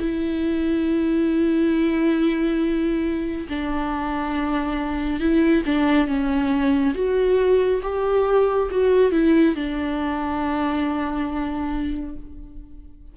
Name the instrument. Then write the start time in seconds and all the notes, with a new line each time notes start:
viola
0.00 E4
3.49 D4
5.20 E4
5.66 D4
6.08 C#4
6.95 F#4
7.83 G4
8.71 F#4
9.12 E4
9.55 D4